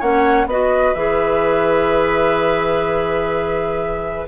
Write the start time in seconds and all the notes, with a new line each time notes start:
0.00 A#3 C#4 C#5 F#5
0.46 B3 F#4 B4 D#5
0.94 E3 G#4 E5